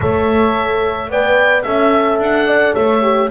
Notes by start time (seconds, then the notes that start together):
0.00 A3 A4 C#5 E5
1.09 B3 B4 D5 G5
1.62 C#4 A4 E5
2.19 D4 F#5
2.47 D5
2.74 A3 C#5 E5
3.02 G4